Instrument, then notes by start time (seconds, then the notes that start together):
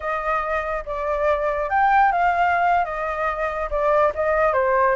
flute
0.00 D#5
0.85 D5
1.69 G5
2.12 F5
2.84 D#5
3.70 D5
4.14 D#5
4.53 C5